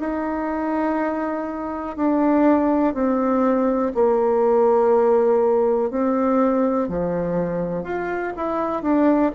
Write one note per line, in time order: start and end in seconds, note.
0.00 1.97 D#4
1.97 2.94 D4
2.94 3.93 C4
3.95 5.91 A#3
5.91 6.89 C4
6.89 7.84 F3
7.84 8.33 F4
8.37 8.83 E4
8.83 9.32 D4